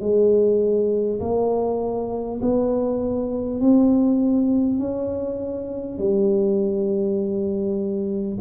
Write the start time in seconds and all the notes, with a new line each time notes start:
0.00 G#3
1.20 A#3
2.42 B3
3.61 C4
4.79 C#4
5.98 G3